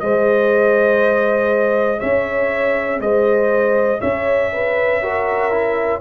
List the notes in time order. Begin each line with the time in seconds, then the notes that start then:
0.00 G#3 G#4 C5 D#5
2.00 C#4 C#5 E5
3.00 G#3 C5 D#5
4.01 C#4 C#5 E5
4.53 B4
5.02 F#4 A#4
5.52 E4